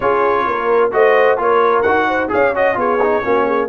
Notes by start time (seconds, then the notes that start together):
0.00 C#4 F4 G#4 C#5
0.46 A#3 A#4
0.91 A3 F#4 C5 D#5
1.37 A#3 F4 A#4 C#5
1.81 D#4 F#4 F#5
2.07 C5
2.28 C#4 G#4 C#5 F5
2.54 F#4 D#5
2.74 B3 F4 G#4 C#5
3.02 D#4
3.22 A#3 C#4 F#4
3.45 G#4